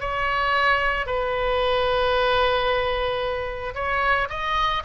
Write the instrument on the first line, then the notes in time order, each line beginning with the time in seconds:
oboe
0.00 C#5
1.06 B4
3.74 C#5
4.29 D#5